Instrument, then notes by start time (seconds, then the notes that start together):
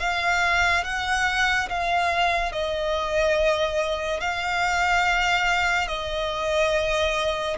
violin
0.00 F5
0.85 F#5
1.69 F5
2.52 D#5
4.21 F5
5.88 D#5